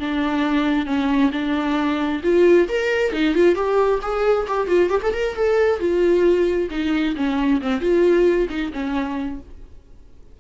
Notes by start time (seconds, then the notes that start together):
0.00 D4
0.86 C#4
1.32 D4
2.24 F4
2.69 A#4
3.13 D#4
3.35 F4
3.55 G4
4.02 G#4
4.48 G4
4.68 F4
4.90 G4
5.03 A4
5.14 A#4
5.36 A4
5.80 F4
6.71 D#4
7.16 C#4
7.62 C4
7.81 F4
8.50 D#4
8.73 C#4